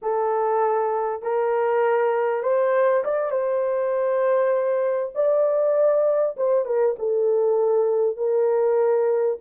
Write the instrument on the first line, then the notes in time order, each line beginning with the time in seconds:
horn
0.02 A4
1.22 A#4
2.42 C5
3.04 D5
3.30 C5
5.14 D5
6.36 C5
6.65 A#4
6.99 A4
8.17 A#4